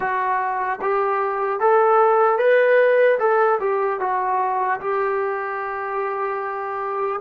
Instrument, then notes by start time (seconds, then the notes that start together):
trombone
0.00 F#4
0.81 G4
1.60 A4
2.38 B4
3.19 A4
3.60 G4
4.00 F#4
4.80 G4